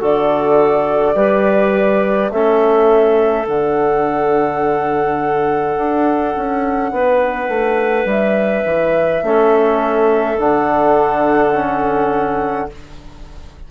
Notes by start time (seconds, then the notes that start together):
0.00 D3 F#4 A4 D5
1.15 G3 G4 B4
2.31 A3 C#4 A4 E5
3.47 D3 D4 F#5
5.77 D4
6.36 C#4
6.92 B3 B4
7.49 A3
8.05 G3 E5
8.66 E3
9.23 A3 C#4 A4
10.38 D3 D4 F#5
11.54 C#4